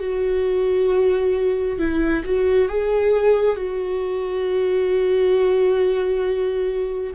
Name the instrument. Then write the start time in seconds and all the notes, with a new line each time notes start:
viola
0.00 F#4
1.79 E4
2.25 F#4
2.69 G#4
3.56 F#4